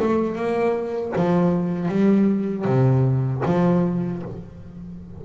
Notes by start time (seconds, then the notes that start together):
0.00 A3
0.36 A#3
1.16 F3
1.88 G3
2.65 C3
3.46 F3